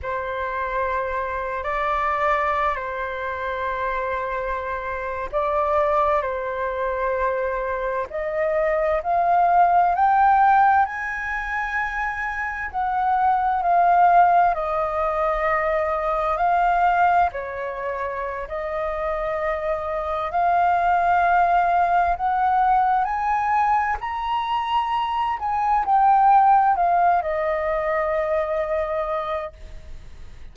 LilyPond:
\new Staff \with { instrumentName = "flute" } { \time 4/4 \tempo 4 = 65 c''4.~ c''16 d''4~ d''16 c''4~ | c''4.~ c''16 d''4 c''4~ c''16~ | c''8. dis''4 f''4 g''4 gis''16~ | gis''4.~ gis''16 fis''4 f''4 dis''16~ |
dis''4.~ dis''16 f''4 cis''4~ cis''16 | dis''2 f''2 | fis''4 gis''4 ais''4. gis''8 | g''4 f''8 dis''2~ dis''8 | }